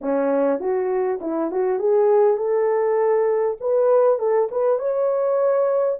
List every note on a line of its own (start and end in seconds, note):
0.01 0.59 C#4
0.59 1.19 F#4
1.21 1.51 E4
1.51 1.79 F#4
1.79 2.37 G#4
2.37 3.57 A4
3.60 4.18 B4
4.18 4.48 A4
4.51 4.78 B4
4.78 5.98 C#5